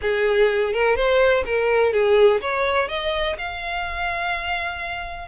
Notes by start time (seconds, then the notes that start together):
0.01 G#4
0.73 A#4
0.96 C5
1.45 A#4
1.92 G#4
2.41 C#5
2.88 D#5
3.38 F5